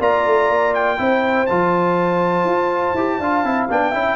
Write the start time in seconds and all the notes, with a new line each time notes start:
0.00 A#3 F4 D5 A#5
0.25 A3
0.49 A#3
0.74 G5
0.97 C4 E4 C5
1.46 F3 F4 A5
2.44 F4
2.94 E4 G4
3.19 D4 F4 F5
3.44 C4 E4
3.69 B3 D4 G5
3.91 C#4 E4 E5